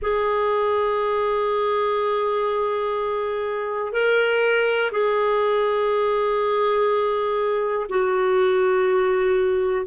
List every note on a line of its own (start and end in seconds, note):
0.01 3.92 G#4
3.92 4.90 A#4
4.91 7.86 G#4
7.89 9.85 F#4